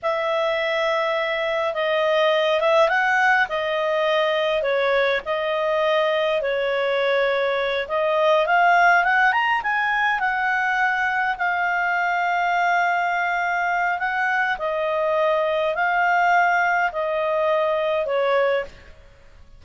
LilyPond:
\new Staff \with { instrumentName = "clarinet" } { \time 4/4 \tempo 4 = 103 e''2. dis''4~ | dis''8 e''8 fis''4 dis''2 | cis''4 dis''2 cis''4~ | cis''4. dis''4 f''4 fis''8 |
ais''8 gis''4 fis''2 f''8~ | f''1 | fis''4 dis''2 f''4~ | f''4 dis''2 cis''4 | }